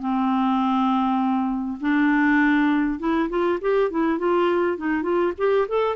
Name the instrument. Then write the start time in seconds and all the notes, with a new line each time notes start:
clarinet
0.00 C4
1.81 D4
2.99 E4
3.29 F4
3.61 G4
3.91 E4
4.19 F4
4.77 D#4
5.03 F4
5.38 G4
5.68 A4